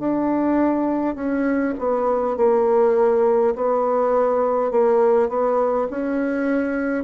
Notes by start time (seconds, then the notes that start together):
0.00 D4
1.16 C#4
1.79 B3
2.37 A#3
3.56 B3
4.72 A#3
5.29 B3
5.91 C#4